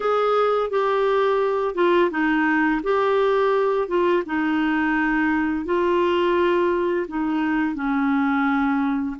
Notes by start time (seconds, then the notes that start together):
0.00 G#4
0.69 G4
1.75 F4
2.10 D#4
2.83 G4
3.88 F4
4.25 D#4
5.65 F4
7.08 D#4
7.75 C#4